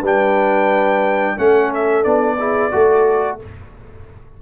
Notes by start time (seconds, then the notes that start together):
0.00 G3 D4 B4 G5
1.36 A3 C#4 A4 F#5
1.74 E5
2.04 B3 D4 D5
2.38 E4 G#4
2.71 A3 F#4 A4